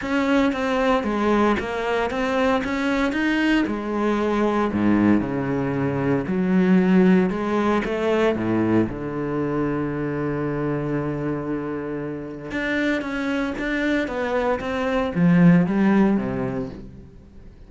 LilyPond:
\new Staff \with { instrumentName = "cello" } { \time 4/4 \tempo 4 = 115 cis'4 c'4 gis4 ais4 | c'4 cis'4 dis'4 gis4~ | gis4 gis,4 cis2 | fis2 gis4 a4 |
a,4 d2.~ | d1 | d'4 cis'4 d'4 b4 | c'4 f4 g4 c4 | }